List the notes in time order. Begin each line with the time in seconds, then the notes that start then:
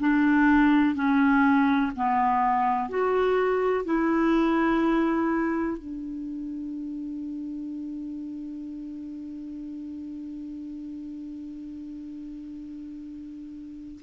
0.00 D4
0.95 C#4
1.96 B3
2.89 F#4
3.86 E4
5.78 D4